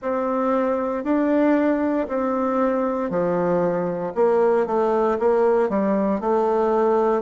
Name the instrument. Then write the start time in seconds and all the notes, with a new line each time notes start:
bassoon
0.01 C4
1.03 D4
2.07 C4
3.09 F3
4.14 A#3
4.66 A3
5.19 A#3
5.69 G3
6.20 A3